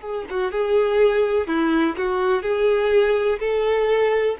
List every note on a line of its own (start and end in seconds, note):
0.00 0.24 G#4
0.29 0.51 F#4
0.51 1.47 G#4
1.47 1.95 E4
1.97 2.42 F#4
2.42 3.39 G#4
3.39 4.36 A4